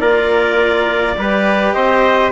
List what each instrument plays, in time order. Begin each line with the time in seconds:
0.00 bassoon A#3, cello F4, trumpet A#4, clarinet D5
1.17 bassoon G3, cello G4, trumpet B4
1.73 bassoon C4, trumpet C5, clarinet D#5